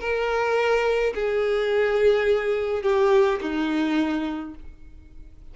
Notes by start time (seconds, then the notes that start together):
0.00 A#4
1.14 G#4
2.82 G4
3.41 D#4